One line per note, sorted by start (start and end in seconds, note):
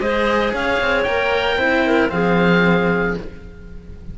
0.00 0.53 G#3
0.00 1.06 G#4
0.00 0.54 C5
0.00 0.53 D#5
0.53 0.79 C#4
0.53 1.57 C#5
0.53 1.03 F5
0.80 1.06 C4
1.03 1.57 A#3
1.03 1.59 A#4
1.03 2.09 G5
1.57 2.10 C4
1.57 2.09 E4
1.57 1.83 C5
1.86 2.12 A#4
2.09 3.17 F3
2.09 3.14 C4
2.09 3.18 G#4
2.09 3.15 F5